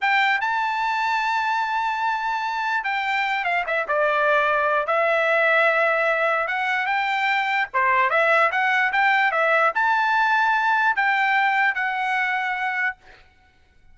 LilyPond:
\new Staff \with { instrumentName = "trumpet" } { \time 4/4 \tempo 4 = 148 g''4 a''2.~ | a''2. g''4~ | g''8 f''8 e''8 d''2~ d''8 | e''1 |
fis''4 g''2 c''4 | e''4 fis''4 g''4 e''4 | a''2. g''4~ | g''4 fis''2. | }